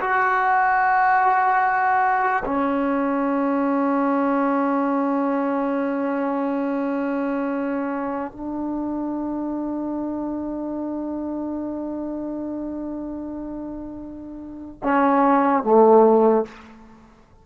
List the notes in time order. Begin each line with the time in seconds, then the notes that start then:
0.00 F#4
2.45 C#4
8.32 D4
14.83 C#4
15.64 A3